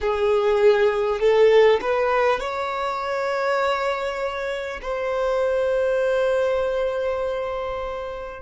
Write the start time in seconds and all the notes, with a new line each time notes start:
0.00 G#4
1.19 A4
1.81 B4
2.40 C#5
4.82 C5